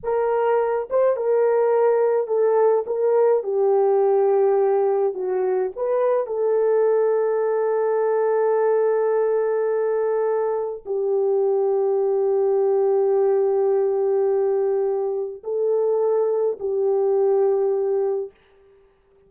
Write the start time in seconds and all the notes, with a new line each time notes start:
0.03 A#4
0.89 C5
1.16 A#4
2.27 A4
2.86 A#4
3.43 G4
5.14 F#4
5.76 B4
6.26 A4
10.85 G4
15.43 A4
16.59 G4